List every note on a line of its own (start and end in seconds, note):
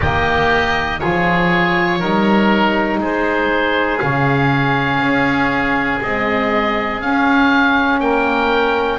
0.00 1.01 D#3
0.00 0.99 A#3
0.00 1.00 G4
0.00 0.99 D#5
0.99 2.02 F3
0.99 1.99 F4
0.99 1.99 G#4
0.99 2.99 C#5
1.99 2.98 G3
1.99 3.99 D#4
1.99 2.99 A#4
2.98 3.98 G#3
2.98 8.00 G#4
2.98 3.98 C5
3.98 4.99 C#3
3.98 5.99 C#4
3.98 5.98 F5
4.99 5.99 C#4
6.02 7.00 G#3
6.02 7.01 C4
6.02 7.01 D#5
7.00 8.98 C#4
7.00 8.00 C#4
7.00 8.00 F5
8.00 8.98 A#3
8.00 8.98 A#4
8.00 8.98 G5